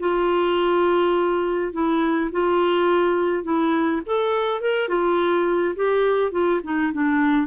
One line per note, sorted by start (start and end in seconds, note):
0.00 1.73 F4
1.73 2.31 E4
2.32 3.44 F4
3.44 4.02 E4
4.06 4.61 A4
4.61 4.89 A#4
4.89 5.75 F4
5.76 6.32 G4
6.32 6.61 F4
6.64 6.93 D#4
6.93 7.47 D4